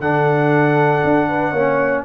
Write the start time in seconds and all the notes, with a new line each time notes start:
0.00 D3 D4 A4 F#5
1.04 D4
1.28 B4
1.50 A#3 C#4 C#5